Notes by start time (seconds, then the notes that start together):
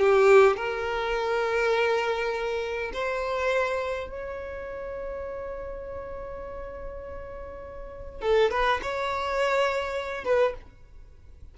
0.00 G4
0.57 A#4
2.94 C5
4.10 C#5
8.22 A4
8.51 B4
8.83 C#5
10.25 B4